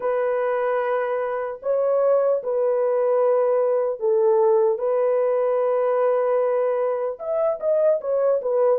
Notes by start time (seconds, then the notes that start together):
0.00 B4
1.62 C#5
2.43 B4
3.99 A4
4.78 B4
7.19 E5
7.60 D#5
8.00 C#5
8.41 B4